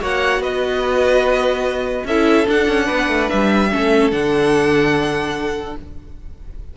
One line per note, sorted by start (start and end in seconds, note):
0.00 0.39 A#3
0.00 2.05 F#4
0.00 0.42 C#5
0.00 0.42 F#5
0.39 2.04 B3
0.39 2.06 B4
0.39 2.06 D#5
2.04 2.46 C#4
2.04 2.46 E4
2.04 2.86 A4
2.04 2.47 E5
2.46 3.69 D4
2.46 2.68 D4
2.46 3.29 F#5
2.68 2.88 C#4
2.86 3.08 B3
2.86 3.68 B4
3.08 3.29 A3
3.29 3.73 G3
3.29 4.11 E5
3.71 4.12 A3
3.71 4.11 C#4
3.71 5.77 A4
4.11 5.76 D3
4.11 5.76 D4
4.11 5.76 F#5